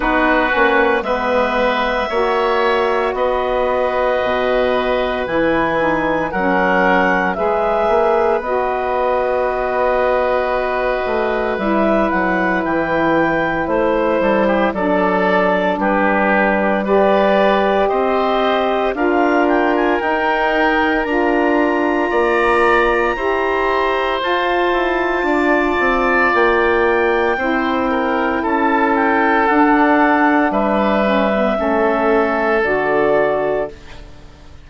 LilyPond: <<
  \new Staff \with { instrumentName = "clarinet" } { \time 4/4 \tempo 4 = 57 b'4 e''2 dis''4~ | dis''4 gis''4 fis''4 e''4 | dis''2. e''8 fis''8 | g''4 c''4 d''4 b'4 |
d''4 dis''4 f''8 g''16 gis''16 g''4 | ais''2. a''4~ | a''4 g''2 a''8 g''8 | fis''4 e''2 d''4 | }
  \new Staff \with { instrumentName = "oboe" } { \time 4/4 fis'4 b'4 cis''4 b'4~ | b'2 ais'4 b'4~ | b'1~ | b'4. a'16 g'16 a'4 g'4 |
b'4 c''4 ais'2~ | ais'4 d''4 c''2 | d''2 c''8 ais'8 a'4~ | a'4 b'4 a'2 | }
  \new Staff \with { instrumentName = "saxophone" } { \time 4/4 dis'8 cis'8 b4 fis'2~ | fis'4 e'8 dis'8 cis'4 gis'4 | fis'2. e'4~ | e'2 d'2 |
g'2 f'4 dis'4 | f'2 g'4 f'4~ | f'2 e'2 | d'4. cis'16 b16 cis'4 fis'4 | }
  \new Staff \with { instrumentName = "bassoon" } { \time 4/4 b8 ais8 gis4 ais4 b4 | b,4 e4 fis4 gis8 ais8 | b2~ b8 a8 g8 fis8 | e4 a8 g8 fis4 g4~ |
g4 c'4 d'4 dis'4 | d'4 ais4 e'4 f'8 e'8 | d'8 c'8 ais4 c'4 cis'4 | d'4 g4 a4 d4 | }
>>